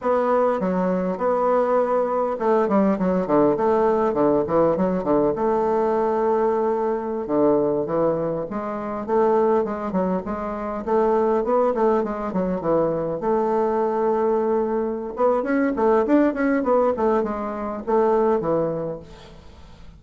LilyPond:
\new Staff \with { instrumentName = "bassoon" } { \time 4/4 \tempo 4 = 101 b4 fis4 b2 | a8 g8 fis8 d8 a4 d8 e8 | fis8 d8 a2.~ | a16 d4 e4 gis4 a8.~ |
a16 gis8 fis8 gis4 a4 b8 a16~ | a16 gis8 fis8 e4 a4.~ a16~ | a4. b8 cis'8 a8 d'8 cis'8 | b8 a8 gis4 a4 e4 | }